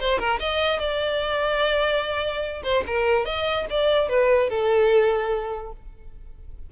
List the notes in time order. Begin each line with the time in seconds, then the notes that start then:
0.00 C5
0.19 A#4
0.40 D#5
0.80 D5
2.64 C5
2.87 A#4
3.26 D#5
3.71 D5
4.09 B4
4.50 A4